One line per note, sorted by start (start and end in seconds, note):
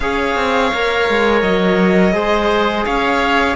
0.00 0.35 C#4
0.00 0.73 G#4
0.00 2.15 C#5
0.00 1.39 F5
0.35 0.71 C4
0.73 1.09 A#3
0.73 2.12 A#4
1.09 1.42 G#3
1.41 2.13 F#3
1.41 2.84 D#5
2.12 2.85 G#3
2.12 3.55 G#4
2.12 2.85 C5
2.84 3.56 C#4
2.84 3.56 C#5
2.84 3.56 F5